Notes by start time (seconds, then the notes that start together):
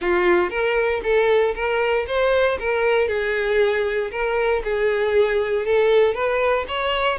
0.01 F4
0.50 A#4
1.03 A4
1.54 A#4
2.07 C5
2.59 A#4
3.08 G#4
4.11 A#4
4.64 G#4
5.65 A4
6.14 B4
6.67 C#5